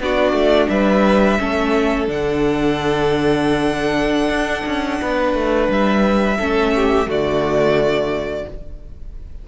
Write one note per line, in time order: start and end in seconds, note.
0.00 0.33 B3
0.00 1.39 D4
0.00 0.70 F#4
0.00 0.69 D5
0.33 0.67 A3
0.69 1.39 G3
0.69 1.39 B4
0.69 2.07 E5
1.39 2.08 A3
1.39 2.08 C#4
1.39 5.01 A4
2.08 4.29 D3
2.08 6.39 D4
2.08 5.72 F#5
4.29 4.64 D4
4.66 5.01 C#4
5.01 5.34 B3
5.01 6.38 B4
5.34 5.69 A3
5.69 6.38 G3
5.69 7.10 E5
6.38 7.07 A3
6.38 7.06 C#4
6.38 6.72 A4
6.76 7.09 G4
7.06 8.45 D3
7.06 8.44 A3
7.06 8.47 F#4
7.06 8.48 D5